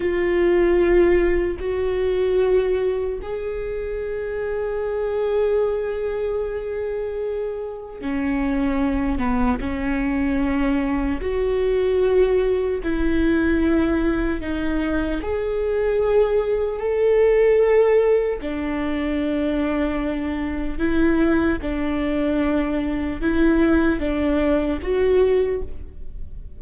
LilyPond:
\new Staff \with { instrumentName = "viola" } { \time 4/4 \tempo 4 = 75 f'2 fis'2 | gis'1~ | gis'2 cis'4. b8 | cis'2 fis'2 |
e'2 dis'4 gis'4~ | gis'4 a'2 d'4~ | d'2 e'4 d'4~ | d'4 e'4 d'4 fis'4 | }